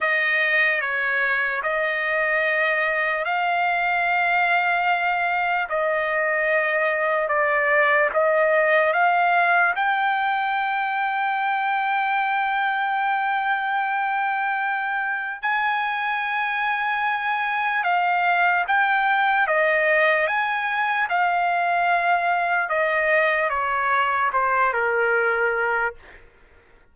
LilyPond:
\new Staff \with { instrumentName = "trumpet" } { \time 4/4 \tempo 4 = 74 dis''4 cis''4 dis''2 | f''2. dis''4~ | dis''4 d''4 dis''4 f''4 | g''1~ |
g''2. gis''4~ | gis''2 f''4 g''4 | dis''4 gis''4 f''2 | dis''4 cis''4 c''8 ais'4. | }